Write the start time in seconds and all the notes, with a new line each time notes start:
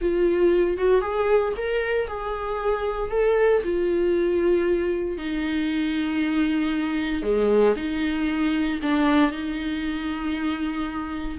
0.01 F4
0.77 F#4
1.01 G#4
1.56 A#4
2.07 G#4
3.11 A4
3.63 F4
5.17 D#4
7.22 G#3
7.76 D#4
8.82 D4
9.31 D#4